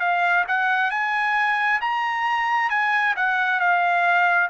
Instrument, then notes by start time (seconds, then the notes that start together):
trumpet
0.00 F5
0.48 F#5
0.91 G#5
1.81 A#5
2.70 G#5
3.17 F#5
3.60 F5